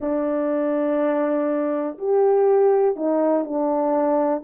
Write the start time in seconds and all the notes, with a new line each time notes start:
0.00 D4
1.98 G4
2.96 D#4
3.44 D4